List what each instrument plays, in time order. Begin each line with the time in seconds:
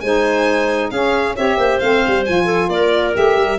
0.00 tuba G#3, saxophone D#4, clarinet C5, violin G#5
0.89 tuba C#4, saxophone C#4, clarinet G#4, violin F5
1.36 tuba C4, saxophone G4, clarinet C#5, violin E5
1.57 tuba A#3, clarinet C5
1.79 tuba A3, saxophone C4, violin F5
2.07 tuba G3
2.25 tuba F3, saxophone F4, violin G#5
2.44 clarinet A4
2.68 tuba A#3, clarinet A#4, violin D5
3.12 tuba A3, saxophone G4, violin E5
3.36 tuba G3